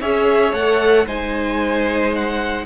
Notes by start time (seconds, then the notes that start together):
0.00 C#4 G#4 C#5 E5
0.52 A3 A4 F#5
1.06 G#3 D#4 C5 G#5
2.15 F#5